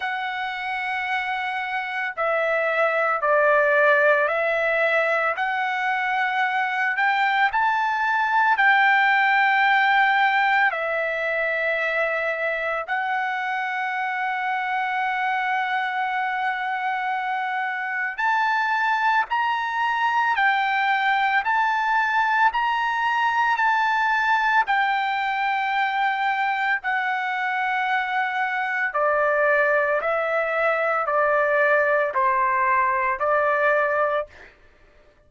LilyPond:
\new Staff \with { instrumentName = "trumpet" } { \time 4/4 \tempo 4 = 56 fis''2 e''4 d''4 | e''4 fis''4. g''8 a''4 | g''2 e''2 | fis''1~ |
fis''4 a''4 ais''4 g''4 | a''4 ais''4 a''4 g''4~ | g''4 fis''2 d''4 | e''4 d''4 c''4 d''4 | }